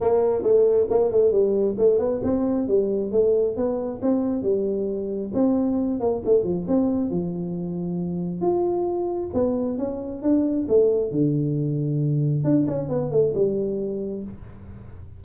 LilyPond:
\new Staff \with { instrumentName = "tuba" } { \time 4/4 \tempo 4 = 135 ais4 a4 ais8 a8 g4 | a8 b8 c'4 g4 a4 | b4 c'4 g2 | c'4. ais8 a8 f8 c'4 |
f2. f'4~ | f'4 b4 cis'4 d'4 | a4 d2. | d'8 cis'8 b8 a8 g2 | }